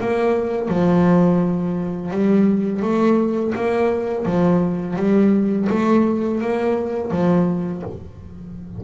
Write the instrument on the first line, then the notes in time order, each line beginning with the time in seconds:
double bass
0.00 A#3
0.68 F3
2.11 G3
2.82 A3
3.55 A#3
4.25 F3
4.96 G3
5.69 A3
6.41 A#3
7.11 F3